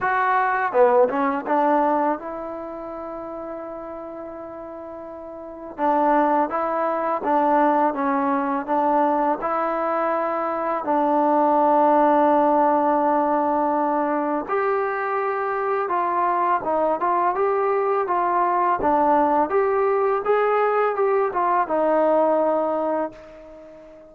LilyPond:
\new Staff \with { instrumentName = "trombone" } { \time 4/4 \tempo 4 = 83 fis'4 b8 cis'8 d'4 e'4~ | e'1 | d'4 e'4 d'4 cis'4 | d'4 e'2 d'4~ |
d'1 | g'2 f'4 dis'8 f'8 | g'4 f'4 d'4 g'4 | gis'4 g'8 f'8 dis'2 | }